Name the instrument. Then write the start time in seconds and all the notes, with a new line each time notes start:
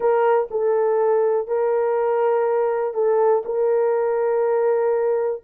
horn
0.00 A#4
0.51 A4
1.47 A#4
2.94 A4
3.45 A#4